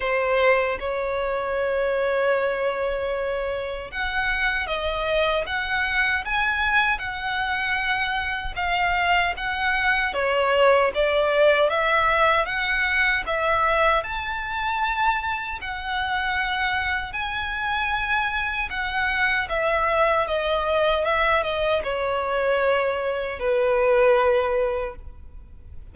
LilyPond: \new Staff \with { instrumentName = "violin" } { \time 4/4 \tempo 4 = 77 c''4 cis''2.~ | cis''4 fis''4 dis''4 fis''4 | gis''4 fis''2 f''4 | fis''4 cis''4 d''4 e''4 |
fis''4 e''4 a''2 | fis''2 gis''2 | fis''4 e''4 dis''4 e''8 dis''8 | cis''2 b'2 | }